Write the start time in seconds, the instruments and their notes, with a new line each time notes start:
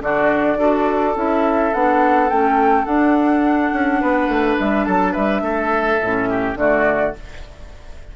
0.00 bassoon D3, clarinet D4, oboe F#4, flute D5
0.57 bassoon D4, clarinet F#4, oboe A4
1.16 bassoon C#4, clarinet E4, flute E5
1.74 bassoon B3, clarinet D4, flute F#5
2.30 bassoon A3, clarinet C#4, flute G5
2.86 bassoon D4, clarinet D4, flute F#5
3.73 bassoon C#4
4.01 bassoon B3, oboe B4
4.28 bassoon A3
4.60 bassoon G3, flute E5
4.86 bassoon F#3, oboe A4, flute A5
5.13 bassoon G3, oboe B4, flute E5
5.42 bassoon A3, oboe A4
6.02 bassoon A2, clarinet C#4
6.30 oboe G4
6.56 bassoon D3, clarinet A3, oboe F#4, flute D5